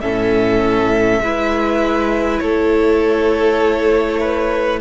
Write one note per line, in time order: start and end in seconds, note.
0.00 1.20 A2
0.00 1.22 C#4
0.00 1.22 A4
0.00 2.39 E5
1.20 2.40 G#3
1.20 4.81 E4
1.20 2.42 B4
2.39 4.81 A3
2.39 4.19 A4
2.39 4.79 C#5
4.19 4.79 B4